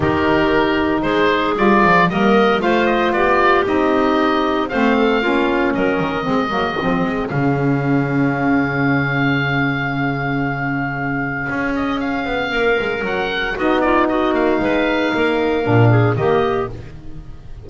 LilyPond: <<
  \new Staff \with { instrumentName = "oboe" } { \time 4/4 \tempo 4 = 115 ais'2 c''4 d''4 | dis''4 f''8 dis''8 d''4 dis''4~ | dis''4 f''2 dis''4~ | dis''2 f''2~ |
f''1~ | f''2~ f''8 dis''8 f''4~ | f''4 fis''4 dis''8 d''8 dis''8 f''8~ | f''2. dis''4 | }
  \new Staff \with { instrumentName = "clarinet" } { \time 4/4 g'2 gis'2 | ais'4 c''4 g'2~ | g'4 c''8 a'8 f'4 ais'4 | gis'1~ |
gis'1~ | gis'1 | ais'2 fis'8 f'8 fis'4 | b'4 ais'4. gis'8 g'4 | }
  \new Staff \with { instrumentName = "saxophone" } { \time 4/4 dis'2. f'4 | ais4 f'2 dis'4~ | dis'4 c'4 cis'2 | c'8 ais8 c'4 cis'2~ |
cis'1~ | cis'1~ | cis'2 dis'2~ | dis'2 d'4 ais4 | }
  \new Staff \with { instrumentName = "double bass" } { \time 4/4 dis2 gis4 g8 f8 | g4 a4 b4 c'4~ | c'4 a4 ais4 fis8 dis8 | gis8 fis8 f8 gis8 cis2~ |
cis1~ | cis2 cis'4. b8 | ais8 gis8 fis4 b4. ais8 | gis4 ais4 ais,4 dis4 | }
>>